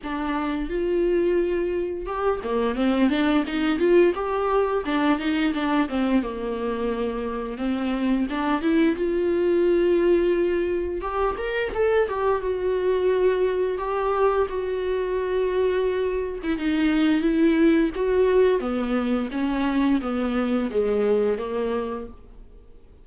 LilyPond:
\new Staff \with { instrumentName = "viola" } { \time 4/4 \tempo 4 = 87 d'4 f'2 g'8 ais8 | c'8 d'8 dis'8 f'8 g'4 d'8 dis'8 | d'8 c'8 ais2 c'4 | d'8 e'8 f'2. |
g'8 ais'8 a'8 g'8 fis'2 | g'4 fis'2~ fis'8. e'16 | dis'4 e'4 fis'4 b4 | cis'4 b4 gis4 ais4 | }